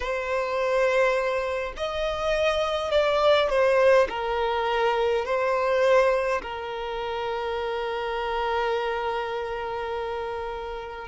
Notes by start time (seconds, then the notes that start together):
0.00 C5
1.76 D#5
2.91 D5
3.49 C5
4.09 A#4
5.25 C5
6.42 A#4